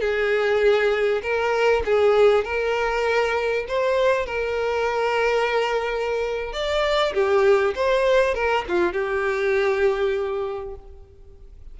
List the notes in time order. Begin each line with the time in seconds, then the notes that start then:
0.00 G#4
1.22 A#4
1.85 G#4
2.44 A#4
3.67 C5
4.26 A#4
6.52 D5
7.13 G4
7.75 C5
8.34 A#4
8.68 F4
8.93 G4